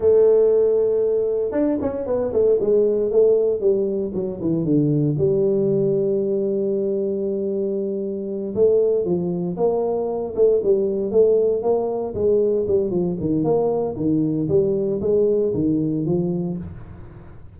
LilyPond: \new Staff \with { instrumentName = "tuba" } { \time 4/4 \tempo 4 = 116 a2. d'8 cis'8 | b8 a8 gis4 a4 g4 | fis8 e8 d4 g2~ | g1~ |
g8 a4 f4 ais4. | a8 g4 a4 ais4 gis8~ | gis8 g8 f8 dis8 ais4 dis4 | g4 gis4 dis4 f4 | }